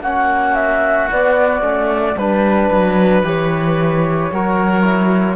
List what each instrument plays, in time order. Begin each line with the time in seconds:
0.00 cello A#3, trombone C#4, oboe F#4, flute F#5
0.54 flute E5
1.09 trombone B3, cello B3, flute D5
1.60 cello A3, trombone C#4
2.16 cello G3, trombone D4, oboe B4, flute B4
2.71 cello F#3
3.23 cello E3, trombone G4, flute C#5
4.32 cello F#3, trombone F#4, oboe A#4
4.83 trombone E4